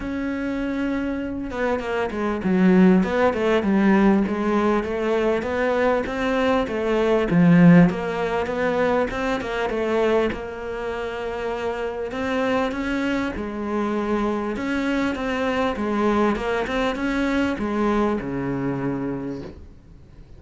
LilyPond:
\new Staff \with { instrumentName = "cello" } { \time 4/4 \tempo 4 = 99 cis'2~ cis'8 b8 ais8 gis8 | fis4 b8 a8 g4 gis4 | a4 b4 c'4 a4 | f4 ais4 b4 c'8 ais8 |
a4 ais2. | c'4 cis'4 gis2 | cis'4 c'4 gis4 ais8 c'8 | cis'4 gis4 cis2 | }